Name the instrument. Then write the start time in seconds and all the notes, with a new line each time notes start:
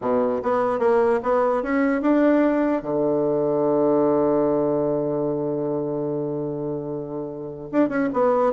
bassoon
0.01 B2
0.42 B3
0.79 A#3
1.22 B3
1.62 C#4
2.01 D4
2.82 D3
7.72 D4
7.89 C#4
8.13 B3